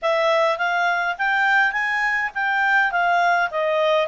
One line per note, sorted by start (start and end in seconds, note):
0.02 0.57 E5
0.57 1.16 F5
1.18 1.72 G5
1.72 2.30 G#5
2.34 2.91 G5
2.91 3.50 F5
3.50 4.07 D#5